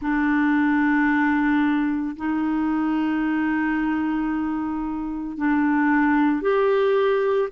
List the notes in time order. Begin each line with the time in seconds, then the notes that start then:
0.01 D4
2.16 D#4
5.37 D4
6.41 G4